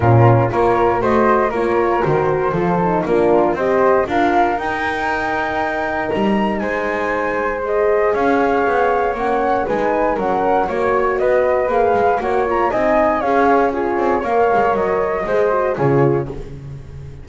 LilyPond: <<
  \new Staff \with { instrumentName = "flute" } { \time 4/4 \tempo 4 = 118 ais'4 cis''4 dis''4 cis''4 | c''2 ais'4 dis''4 | f''4 g''2. | ais''4 gis''2 dis''4 |
f''2 fis''4 gis''4 | fis''4 cis''4 dis''4 f''4 | fis''8 ais''8 gis''4 f''4 cis''4 | f''4 dis''2 cis''4 | }
  \new Staff \with { instrumentName = "flute" } { \time 4/4 f'4 ais'4 c''4 ais'4~ | ais'4 a'4 f'4 c''4 | ais'1~ | ais'4 c''2. |
cis''2. b'4 | ais'4 cis''4 b'2 | cis''4 dis''4 cis''4 gis'4 | cis''2 c''4 gis'4 | }
  \new Staff \with { instrumentName = "horn" } { \time 4/4 cis'4 f'4 fis'4 f'4 | fis'4 f'8 dis'8 d'4 g'4 | f'4 dis'2.~ | dis'2. gis'4~ |
gis'2 cis'4 dis'4 | cis'4 fis'2 gis'4 | fis'8 f'8 dis'4 gis'4 f'4 | ais'2 gis'8 fis'8 f'4 | }
  \new Staff \with { instrumentName = "double bass" } { \time 4/4 ais,4 ais4 a4 ais4 | dis4 f4 ais4 c'4 | d'4 dis'2. | g4 gis2. |
cis'4 b4 ais4 gis4 | fis4 ais4 b4 ais8 gis8 | ais4 c'4 cis'4. c'8 | ais8 gis8 fis4 gis4 cis4 | }
>>